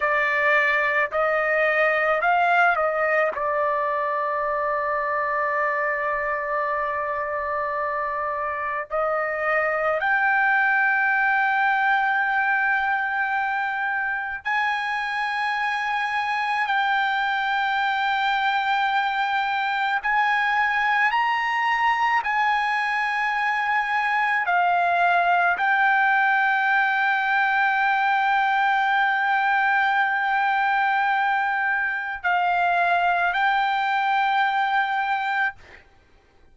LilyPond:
\new Staff \with { instrumentName = "trumpet" } { \time 4/4 \tempo 4 = 54 d''4 dis''4 f''8 dis''8 d''4~ | d''1 | dis''4 g''2.~ | g''4 gis''2 g''4~ |
g''2 gis''4 ais''4 | gis''2 f''4 g''4~ | g''1~ | g''4 f''4 g''2 | }